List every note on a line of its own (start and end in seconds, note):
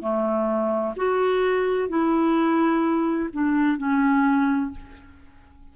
0.00 0.94 A3
0.96 1.88 F#4
1.88 3.29 E4
3.33 3.77 D4
3.77 4.71 C#4